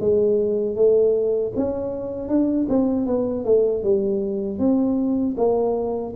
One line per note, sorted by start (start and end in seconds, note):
0.00 0.76 G#3
0.76 1.52 A3
1.56 2.28 C#4
2.28 2.67 D4
2.69 3.07 C4
3.07 3.45 B3
3.45 3.83 A3
3.83 4.59 G3
4.59 5.36 C4
5.37 6.14 A#3